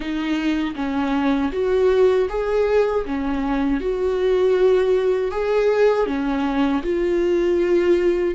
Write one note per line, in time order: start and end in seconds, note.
0.00 0.74 D#4
0.75 1.51 C#4
1.52 2.28 F#4
2.29 3.04 G#4
3.05 3.80 C#4
3.80 5.31 F#4
5.31 6.06 G#4
6.06 6.82 C#4
6.83 8.34 F4